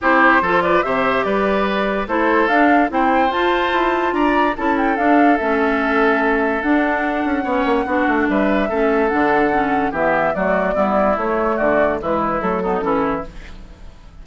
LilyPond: <<
  \new Staff \with { instrumentName = "flute" } { \time 4/4 \tempo 4 = 145 c''4. d''8 e''4 d''4~ | d''4 c''4 f''4 g''4 | a''2 ais''4 a''8 g''8 | f''4 e''2. |
fis''1 | e''2 fis''2 | e''4 d''2 cis''4 | d''4 b'4 a'2 | }
  \new Staff \with { instrumentName = "oboe" } { \time 4/4 g'4 a'8 b'8 c''4 b'4~ | b'4 a'2 c''4~ | c''2 d''4 a'4~ | a'1~ |
a'2 cis''4 fis'4 | b'4 a'2. | g'4 fis'4 e'2 | fis'4 e'4. dis'8 e'4 | }
  \new Staff \with { instrumentName = "clarinet" } { \time 4/4 e'4 f'4 g'2~ | g'4 e'4 d'4 e'4 | f'2. e'4 | d'4 cis'2. |
d'2 cis'4 d'4~ | d'4 cis'4 d'4 cis'4 | b4 a4 b4 a4~ | a4 gis4 a8 b8 cis'4 | }
  \new Staff \with { instrumentName = "bassoon" } { \time 4/4 c'4 f4 c4 g4~ | g4 a4 d'4 c'4 | f'4 e'4 d'4 cis'4 | d'4 a2. |
d'4. cis'8 b8 ais8 b8 a8 | g4 a4 d2 | e4 fis4 g4 a4 | d4 e4 fis4 e4 | }
>>